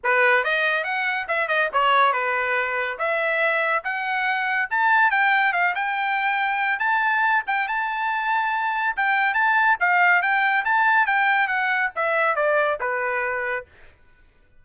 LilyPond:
\new Staff \with { instrumentName = "trumpet" } { \time 4/4 \tempo 4 = 141 b'4 dis''4 fis''4 e''8 dis''8 | cis''4 b'2 e''4~ | e''4 fis''2 a''4 | g''4 f''8 g''2~ g''8 |
a''4. g''8 a''2~ | a''4 g''4 a''4 f''4 | g''4 a''4 g''4 fis''4 | e''4 d''4 b'2 | }